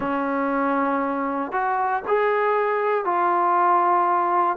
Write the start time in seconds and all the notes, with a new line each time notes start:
0.00 C#4
1.51 F#4
2.07 G#4
3.04 F4